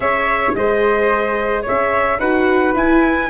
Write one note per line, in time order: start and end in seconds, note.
0.00 0.52 C#4
0.00 2.18 G#4
0.00 0.56 C#5
0.00 0.54 E5
0.54 1.65 G#3
0.54 1.62 C5
0.54 1.65 D#5
1.62 2.18 C#4
1.62 2.17 C#5
1.62 2.19 E5
2.18 2.73 D#4
2.18 2.74 F#4
2.18 3.29 B4
2.18 2.74 F#5
2.74 3.29 E4
2.74 3.30 E4
2.74 3.30 G#5